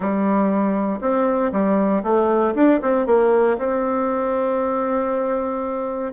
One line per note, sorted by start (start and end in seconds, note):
0.00 0.99 G3
1.00 1.51 C4
1.51 2.02 G3
2.03 2.54 A3
2.54 2.80 D4
2.82 3.06 C4
3.06 3.57 A#3
3.58 6.12 C4